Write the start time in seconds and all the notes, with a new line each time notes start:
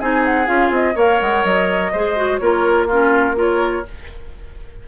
0.00 C4 D#4 G#4 G#5
0.25 F#5
0.46 C#4 F4 F5
0.70 C4 D#5
0.95 A#3 A#4 C#5 F5
1.21 G#3 F#5
1.44 F#3 D#5
1.92 G#3 G#4 C5
2.16 F#4
2.37 A#3 F4 A#4 C#5
2.87 C#4 F4 A#4
3.35 F4 A#4 C#5